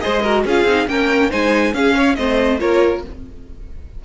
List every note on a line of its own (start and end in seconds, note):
0.00 0.45 G#3
0.00 0.22 G#4
0.00 0.22 C5
0.00 0.43 D#5
0.22 0.46 F#4
0.22 0.44 A#4
0.45 0.64 C#4
0.45 0.68 F4
0.45 0.88 G#4
0.45 0.88 F5
0.64 0.86 C4
0.64 0.87 D#4
0.87 1.30 A#3
0.87 1.30 C#4
0.87 1.30 A#4
0.87 1.31 G5
1.30 1.74 G#3
1.30 1.73 D#4
1.30 1.73 C5
1.30 1.74 G#5
1.74 2.16 C#4
1.74 2.17 C#4
1.74 1.95 G#4
1.74 2.15 F5
1.95 2.16 C#5
2.15 2.61 A3
2.15 2.59 C4
2.15 2.60 C5
2.15 2.58 D#5
2.59 3.04 A#3
2.59 3.02 F4
2.59 3.03 A#4
2.59 3.02 C#5